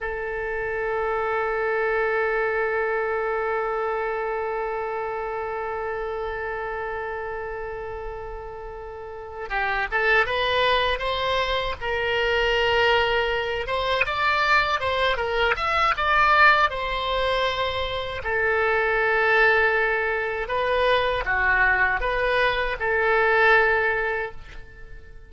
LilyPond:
\new Staff \with { instrumentName = "oboe" } { \time 4/4 \tempo 4 = 79 a'1~ | a'1~ | a'1~ | a'8 g'8 a'8 b'4 c''4 ais'8~ |
ais'2 c''8 d''4 c''8 | ais'8 e''8 d''4 c''2 | a'2. b'4 | fis'4 b'4 a'2 | }